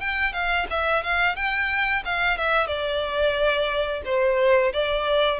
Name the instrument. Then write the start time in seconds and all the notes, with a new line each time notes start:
violin
0.00 G5
0.32 F5
0.70 E5
1.03 F5
1.35 G5
2.05 F5
2.37 E5
2.67 D5
4.05 C5
4.73 D5